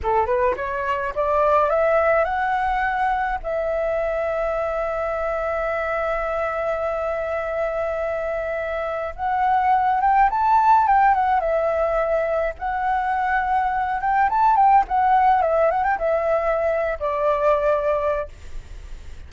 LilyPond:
\new Staff \with { instrumentName = "flute" } { \time 4/4 \tempo 4 = 105 a'8 b'8 cis''4 d''4 e''4 | fis''2 e''2~ | e''1~ | e''1 |
fis''4. g''8 a''4 g''8 fis''8 | e''2 fis''2~ | fis''8 g''8 a''8 g''8 fis''4 e''8 fis''16 g''16 | e''4.~ e''16 d''2~ d''16 | }